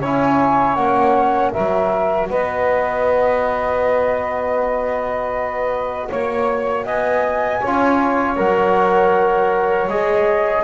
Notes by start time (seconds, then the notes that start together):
0.00 C#4 E4 C#5 G#5
0.75 A#3 C#4 F#5
1.52 F#3 F#4 A#4 E5
2.30 B3 B4 D#5
6.10 A#3 C#5
6.84 B3 D#5 G#5
7.60 C#4 F4 C#5
8.37 F#3 A#4 F#5
9.88 G#3 G#4 D#5